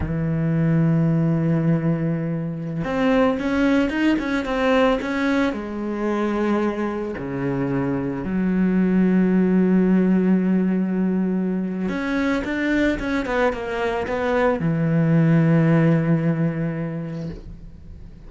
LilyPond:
\new Staff \with { instrumentName = "cello" } { \time 4/4 \tempo 4 = 111 e1~ | e4~ e16 c'4 cis'4 dis'8 cis'16~ | cis'16 c'4 cis'4 gis4.~ gis16~ | gis4~ gis16 cis2 fis8.~ |
fis1~ | fis2 cis'4 d'4 | cis'8 b8 ais4 b4 e4~ | e1 | }